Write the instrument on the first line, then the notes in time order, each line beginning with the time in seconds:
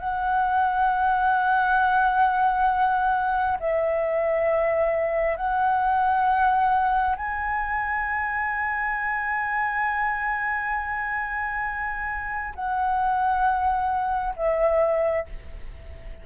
flute
0.00 F#5
3.60 E5
5.37 F#5
7.17 G#5
12.55 F#5
14.36 E5